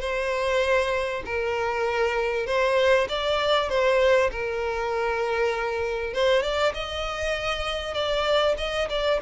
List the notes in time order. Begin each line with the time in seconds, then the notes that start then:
0.00 C5
1.25 A#4
2.46 C5
3.09 D5
3.69 C5
4.31 A#4
6.13 C5
6.42 D5
6.74 D#5
7.94 D5
8.57 D#5
8.89 D5